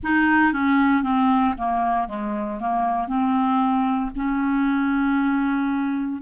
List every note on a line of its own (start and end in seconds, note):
0.03 0.53 D#4
0.53 1.03 C#4
1.03 1.54 C4
1.57 2.08 A#3
2.08 2.60 G#3
2.60 3.07 A#3
3.07 4.11 C4
4.15 6.21 C#4